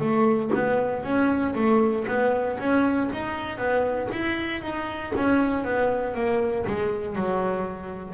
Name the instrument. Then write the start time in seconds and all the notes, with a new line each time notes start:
double bass
0.00 A3
0.54 B3
1.03 C#4
1.55 A3
2.07 B3
2.59 C#4
3.13 D#4
3.57 B3
4.11 E4
4.61 D#4
5.15 C#4
5.64 B3
6.14 A#3
6.67 G#3
7.15 F#3